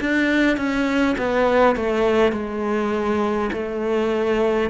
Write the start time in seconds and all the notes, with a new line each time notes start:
0.00 D4
0.57 C#4
1.18 B3
1.76 A3
2.33 G#3
3.52 A3